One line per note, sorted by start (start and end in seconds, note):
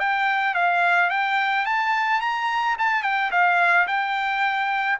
0.00 0.55 G5
0.55 1.10 F5
1.10 1.66 G5
1.66 2.21 A5
2.21 2.77 A#5
2.79 3.03 A5
3.03 3.31 G5
3.32 3.87 F5
3.88 4.99 G5